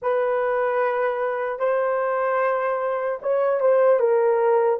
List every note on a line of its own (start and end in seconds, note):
0.01 1.59 B4
1.59 3.19 C5
3.21 3.60 C#5
3.60 3.99 C5
3.99 4.79 A#4